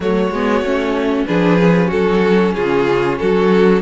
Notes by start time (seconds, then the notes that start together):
0.00 F#3 A3 F#4 C#5
0.30 G#3 B3
0.61 A3 C#4
1.26 F3 D4 G#4 B4
1.59 C#4
1.87 F#3 F#4 A4
2.54 C#3 F4 G#4
3.18 F#3 F#4 A4